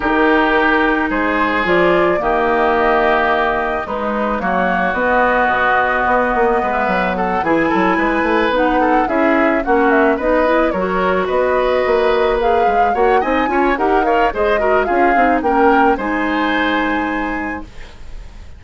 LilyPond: <<
  \new Staff \with { instrumentName = "flute" } { \time 4/4 \tempo 4 = 109 ais'2 c''4 d''4 | dis''2. b'4 | cis''4 dis''2.~ | dis''16 e''8. fis''8 gis''2 fis''8~ |
fis''8 e''4 fis''8 e''8 dis''4 cis''8~ | cis''8 dis''2 f''4 fis''8 | gis''4 fis''8 f''8 dis''4 f''4 | g''4 gis''2. | }
  \new Staff \with { instrumentName = "oboe" } { \time 4/4 g'2 gis'2 | g'2. dis'4 | fis'1 | b'4 a'8 gis'8 a'8 b'4. |
a'8 gis'4 fis'4 b'4 ais'8~ | ais'8 b'2. cis''8 | dis''8 cis''8 ais'8 cis''8 c''8 ais'8 gis'4 | ais'4 c''2. | }
  \new Staff \with { instrumentName = "clarinet" } { \time 4/4 dis'2. f'4 | ais2. gis4 | ais4 b2.~ | b4. e'2 dis'8~ |
dis'8 e'4 cis'4 dis'8 e'8 fis'8~ | fis'2~ fis'8 gis'4 fis'8 | dis'8 f'8 g'8 ais'8 gis'8 fis'8 f'8 dis'8 | cis'4 dis'2. | }
  \new Staff \with { instrumentName = "bassoon" } { \time 4/4 dis2 gis4 f4 | dis2. gis4 | fis4 b4 b,4 b8 ais8 | gis8 fis4 e8 fis8 gis8 a8 b8~ |
b8 cis'4 ais4 b4 fis8~ | fis8 b4 ais4. gis8 ais8 | c'8 cis'8 dis'4 gis4 cis'8 c'8 | ais4 gis2. | }
>>